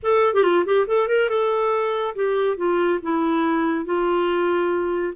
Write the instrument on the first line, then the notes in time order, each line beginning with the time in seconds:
clarinet
0.02 A4
0.34 G4
0.43 F4
0.65 G4
0.87 A4
1.08 A#4
1.29 A4
2.15 G4
2.56 F4
3.02 E4
3.85 F4